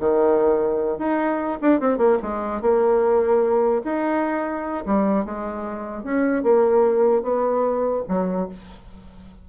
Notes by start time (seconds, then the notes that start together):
0.00 D#3
0.98 D#4
1.61 D4
1.80 C4
1.98 A#3
2.22 G#3
2.62 A#3
3.84 D#4
4.86 G3
5.25 G#3
6.03 C#4
6.43 A#3
7.23 B3
8.08 F#3